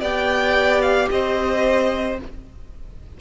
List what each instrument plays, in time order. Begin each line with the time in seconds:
0.00 cello B3, viola G4, violin D5 G5
0.81 violin F5
1.10 cello C4, violin C5 D#5